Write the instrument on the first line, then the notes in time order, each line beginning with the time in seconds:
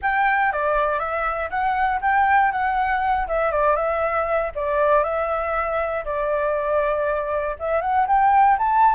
flute
0.02 G5
0.52 D5
0.99 E5
1.50 F#5
2.01 G5
2.51 F#5
3.27 E5
3.51 D5
3.76 E5
4.55 D5
5.03 E5
6.05 D5
7.59 E5
7.81 F#5
8.07 G5
8.58 A5